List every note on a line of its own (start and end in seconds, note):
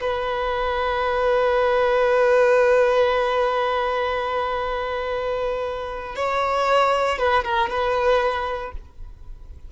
0.00 6.15 B4
6.15 7.18 C#5
7.18 7.44 B4
7.44 7.69 A#4
7.69 8.72 B4